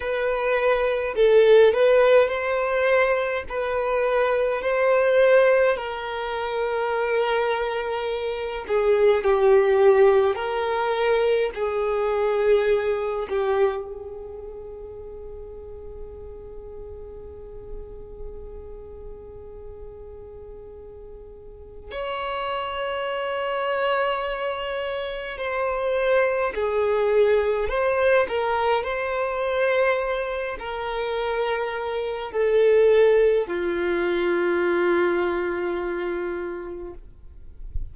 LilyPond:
\new Staff \with { instrumentName = "violin" } { \time 4/4 \tempo 4 = 52 b'4 a'8 b'8 c''4 b'4 | c''4 ais'2~ ais'8 gis'8 | g'4 ais'4 gis'4. g'8 | gis'1~ |
gis'2. cis''4~ | cis''2 c''4 gis'4 | c''8 ais'8 c''4. ais'4. | a'4 f'2. | }